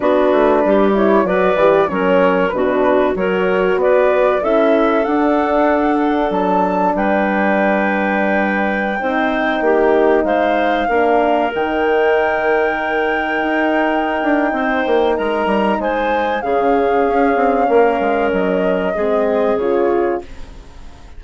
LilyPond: <<
  \new Staff \with { instrumentName = "flute" } { \time 4/4 \tempo 4 = 95 b'4. cis''8 d''4 cis''4 | b'4 cis''4 d''4 e''4 | fis''2 a''4 g''4~ | g''1~ |
g''16 f''2 g''4.~ g''16~ | g''1 | ais''4 gis''4 f''2~ | f''4 dis''2 cis''4 | }
  \new Staff \with { instrumentName = "clarinet" } { \time 4/4 fis'4 g'4 b'4 ais'4 | fis'4 ais'4 b'4 a'4~ | a'2. b'4~ | b'2~ b'16 c''4 g'8.~ |
g'16 c''4 ais'2~ ais'8.~ | ais'2. c''4 | ais'4 c''4 gis'2 | ais'2 gis'2 | }
  \new Staff \with { instrumentName = "horn" } { \time 4/4 d'4. e'8 fis'8 g'8 cis'4 | d'4 fis'2 e'4 | d'1~ | d'2~ d'16 dis'4.~ dis'16~ |
dis'4~ dis'16 d'4 dis'4.~ dis'16~ | dis'1~ | dis'2 cis'2~ | cis'2 c'4 f'4 | }
  \new Staff \with { instrumentName = "bassoon" } { \time 4/4 b8 a8 g4 fis8 e8 fis4 | b,4 fis4 b4 cis'4 | d'2 fis4 g4~ | g2~ g16 c'4 ais8.~ |
ais16 gis4 ais4 dis4.~ dis16~ | dis4~ dis16 dis'4~ dis'16 d'8 c'8 ais8 | gis8 g8 gis4 cis4 cis'8 c'8 | ais8 gis8 fis4 gis4 cis4 | }
>>